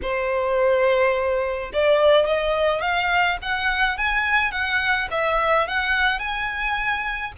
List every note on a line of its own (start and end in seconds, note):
0.02 1.71 C5
1.73 2.26 D5
2.26 2.81 D#5
2.81 3.37 F5
3.41 3.97 F#5
3.97 4.51 G#5
4.51 5.08 F#5
5.10 5.67 E5
5.67 6.19 F#5
6.19 7.32 G#5